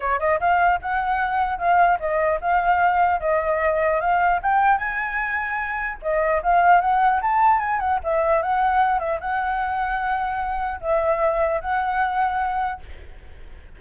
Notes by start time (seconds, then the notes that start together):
0.00 C#5
0.19 D#5
0.40 F5
0.81 F#5
1.58 F5
1.99 D#5
2.40 F5
3.20 D#5
4.00 F5
4.42 G5
4.78 G#5
6.01 D#5
6.42 F5
6.81 F#5
7.21 A5
7.59 G#5
7.79 F#5
8.03 E5
8.42 F#5
8.99 E5
9.20 F#5
10.80 E5
11.61 F#5